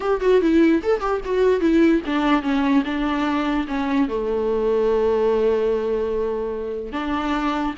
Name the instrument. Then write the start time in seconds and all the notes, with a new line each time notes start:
viola
0.00 G4
0.20 F#4
0.41 E4
0.83 A4
1.00 G4
1.24 F#4
1.60 E4
2.06 D4
2.42 C#4
2.85 D4
3.67 C#4
4.08 A3
6.92 D4